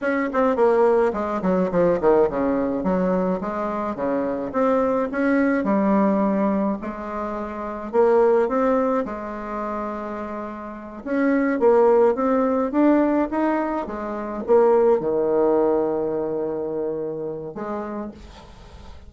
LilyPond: \new Staff \with { instrumentName = "bassoon" } { \time 4/4 \tempo 4 = 106 cis'8 c'8 ais4 gis8 fis8 f8 dis8 | cis4 fis4 gis4 cis4 | c'4 cis'4 g2 | gis2 ais4 c'4 |
gis2.~ gis8 cis'8~ | cis'8 ais4 c'4 d'4 dis'8~ | dis'8 gis4 ais4 dis4.~ | dis2. gis4 | }